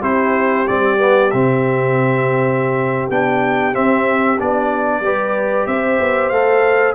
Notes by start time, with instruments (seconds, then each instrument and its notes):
0.00 tuba C4, trombone E4, horn G4, trumpet C5
0.68 tuba G3, trombone C4, trumpet D5
0.98 trombone B3
1.31 tuba C3, trombone C4, trumpet E5
3.10 tuba B3, trombone D4, trumpet G5
3.73 trombone C4, tuba C4, trumpet E5
4.39 tuba B3, trombone D4, trumpet D5
5.01 tuba G3, trombone G4, horn B4
5.67 tuba C4, horn C5, trumpet E5
6.00 tuba B3
6.29 tuba A3, trombone A4, trumpet F5